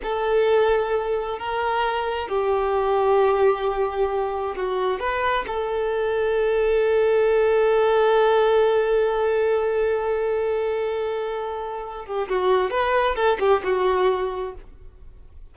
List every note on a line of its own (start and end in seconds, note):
0.02 1.38 A4
1.38 2.28 A#4
2.28 4.55 G4
4.55 4.99 F#4
4.99 5.45 B4
5.47 12.05 A4
12.05 12.28 G4
12.29 12.70 F#4
12.70 13.15 B4
13.15 13.38 A4
13.39 13.62 G4
13.63 14.54 F#4